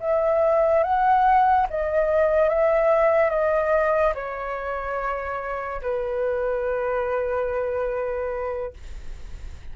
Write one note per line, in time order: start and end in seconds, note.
0.00 0.83 E5
0.83 1.67 F#5
1.70 2.49 D#5
2.49 3.30 E5
3.30 4.13 D#5
4.14 5.81 C#5
5.81 8.73 B4